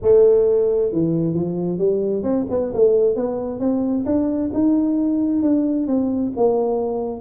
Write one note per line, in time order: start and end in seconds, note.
0.02 0.91 A3
0.91 1.33 E3
1.33 1.78 F3
1.78 2.23 G3
2.23 2.45 C4
2.50 2.72 B3
2.74 3.15 A3
3.15 3.59 B3
3.59 4.04 C4
4.05 4.50 D4
4.53 5.42 D#4
5.42 5.87 D4
5.87 6.32 C4
6.36 7.20 A#3